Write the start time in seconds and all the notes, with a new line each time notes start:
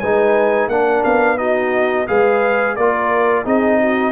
0.00 G#3 D#4 B4 G#5
0.68 A#3 D4 A#4 F#5
1.04 B3 F5
1.38 D#4 F#4 D#5
2.07 G#3 G#4 B4 F5
2.76 A#3 F4 A#4 D5
3.45 C4 D#4 G#4 D#5
3.80 F#4